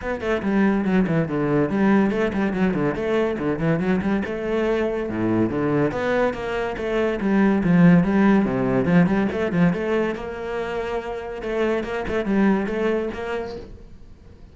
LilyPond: \new Staff \with { instrumentName = "cello" } { \time 4/4 \tempo 4 = 142 b8 a8 g4 fis8 e8 d4 | g4 a8 g8 fis8 d8 a4 | d8 e8 fis8 g8 a2 | a,4 d4 b4 ais4 |
a4 g4 f4 g4 | c4 f8 g8 a8 f8 a4 | ais2. a4 | ais8 a8 g4 a4 ais4 | }